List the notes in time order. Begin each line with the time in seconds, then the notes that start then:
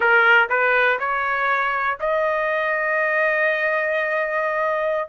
0.00 A#4
0.49 B4
0.99 C#5
2.00 D#5